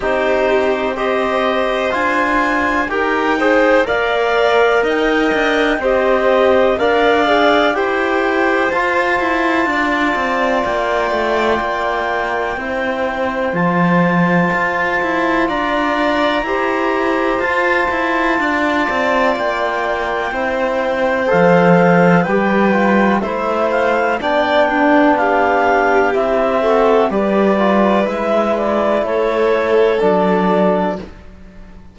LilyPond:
<<
  \new Staff \with { instrumentName = "clarinet" } { \time 4/4 \tempo 4 = 62 c''4 dis''4 gis''4 g''4 | f''4 g''4 dis''4 f''4 | g''4 a''2 g''4~ | g''2 a''2 |
ais''2 a''2 | g''2 f''4 g''4 | e''8 f''8 g''4 f''4 e''4 | d''4 e''8 d''8 cis''4 d''4 | }
  \new Staff \with { instrumentName = "violin" } { \time 4/4 g'4 c''2 ais'8 c''8 | d''4 dis''4 g'4 d''4 | c''2 d''2~ | d''4 c''2. |
d''4 c''2 d''4~ | d''4 c''2 b'4 | c''4 d''8 d'8 g'4. a'8 | b'2 a'2 | }
  \new Staff \with { instrumentName = "trombone" } { \time 4/4 dis'4 g'4 f'4 g'8 gis'8 | ais'2 c''4 ais'8 gis'8 | g'4 f'2.~ | f'4 e'4 f'2~ |
f'4 g'4 f'2~ | f'4 e'4 a'4 g'8 f'8 | e'4 d'2 e'8 fis'8 | g'8 f'8 e'2 d'4 | }
  \new Staff \with { instrumentName = "cello" } { \time 4/4 c'2 d'4 dis'4 | ais4 dis'8 d'8 c'4 d'4 | e'4 f'8 e'8 d'8 c'8 ais8 a8 | ais4 c'4 f4 f'8 e'8 |
d'4 e'4 f'8 e'8 d'8 c'8 | ais4 c'4 f4 g4 | a4 b2 c'4 | g4 gis4 a4 fis4 | }
>>